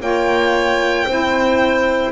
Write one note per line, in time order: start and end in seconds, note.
0.00 1.06 A#3
0.00 1.05 F4
0.00 1.06 C#5
0.00 2.11 G5
1.06 2.11 C4
1.06 2.11 E4
1.06 2.11 C5